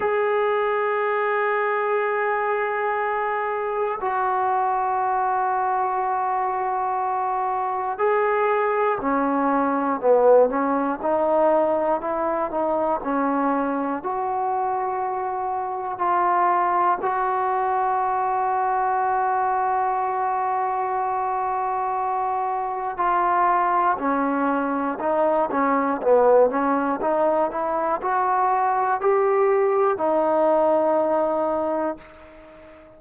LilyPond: \new Staff \with { instrumentName = "trombone" } { \time 4/4 \tempo 4 = 60 gis'1 | fis'1 | gis'4 cis'4 b8 cis'8 dis'4 | e'8 dis'8 cis'4 fis'2 |
f'4 fis'2.~ | fis'2. f'4 | cis'4 dis'8 cis'8 b8 cis'8 dis'8 e'8 | fis'4 g'4 dis'2 | }